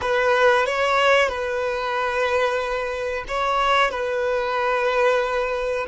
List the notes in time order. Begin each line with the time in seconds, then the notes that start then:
0.01 B4
0.66 C#5
1.29 B4
3.28 C#5
3.90 B4